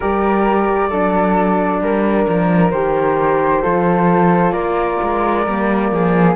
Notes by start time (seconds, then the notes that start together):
0.00 G3 G4 A#4 D5
0.89 F#3 D4 A4
1.80 G3 A#4
2.27 F3
2.70 D#3 G4 C5
3.62 F3 F4 A4
4.51 A#3 A#4 D5
5.02 G#3
5.47 G3 A#3
5.91 F3 G#4